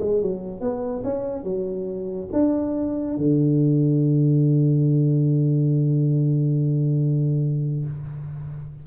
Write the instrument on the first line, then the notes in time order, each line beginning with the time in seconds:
tuba
0.00 G#3
0.21 F#3
0.60 B3
1.03 C#4
1.43 F#3
2.32 D4
3.17 D3